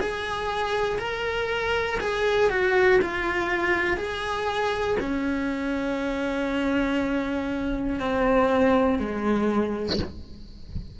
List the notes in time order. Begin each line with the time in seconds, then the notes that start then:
0.00 G#4
0.99 A#4
2.00 G#4
2.49 F#4
3.02 F4
3.96 G#4
4.99 C#4
7.99 C4
8.99 G#3